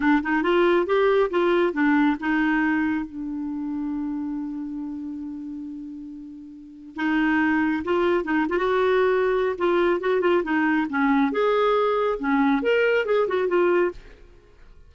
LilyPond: \new Staff \with { instrumentName = "clarinet" } { \time 4/4 \tempo 4 = 138 d'8 dis'8 f'4 g'4 f'4 | d'4 dis'2 d'4~ | d'1~ | d'1 |
dis'2 f'4 dis'8 f'16 fis'16~ | fis'2 f'4 fis'8 f'8 | dis'4 cis'4 gis'2 | cis'4 ais'4 gis'8 fis'8 f'4 | }